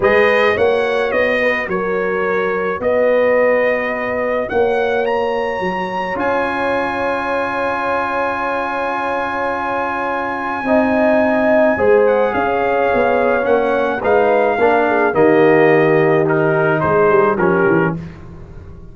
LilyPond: <<
  \new Staff \with { instrumentName = "trumpet" } { \time 4/4 \tempo 4 = 107 dis''4 fis''4 dis''4 cis''4~ | cis''4 dis''2. | fis''4 ais''2 gis''4~ | gis''1~ |
gis''1~ | gis''4. fis''8 f''2 | fis''4 f''2 dis''4~ | dis''4 ais'4 c''4 ais'4 | }
  \new Staff \with { instrumentName = "horn" } { \time 4/4 b'4 cis''4. b'8 ais'4~ | ais'4 b'2. | cis''1~ | cis''1~ |
cis''2. dis''4~ | dis''4 c''4 cis''2~ | cis''4 b'4 ais'8 gis'8 g'4~ | g'2 gis'4 g'4 | }
  \new Staff \with { instrumentName = "trombone" } { \time 4/4 gis'4 fis'2.~ | fis'1~ | fis'2. f'4~ | f'1~ |
f'2. dis'4~ | dis'4 gis'2. | cis'4 dis'4 d'4 ais4~ | ais4 dis'2 cis'4 | }
  \new Staff \with { instrumentName = "tuba" } { \time 4/4 gis4 ais4 b4 fis4~ | fis4 b2. | ais2 fis4 cis'4~ | cis'1~ |
cis'2. c'4~ | c'4 gis4 cis'4 b4 | ais4 gis4 ais4 dis4~ | dis2 gis8 g8 f8 e8 | }
>>